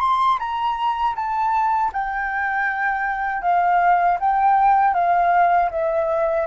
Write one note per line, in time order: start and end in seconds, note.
0.00 0.38 C6
0.39 1.15 A#5
1.16 1.92 A5
1.93 3.42 G5
3.42 4.18 F5
4.20 4.94 G5
4.94 5.70 F5
5.71 6.47 E5